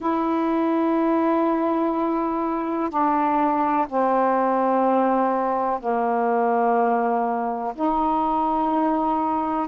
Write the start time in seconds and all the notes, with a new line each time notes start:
0.00 E4
2.89 D4
3.87 C4
5.80 A#3
7.75 D#4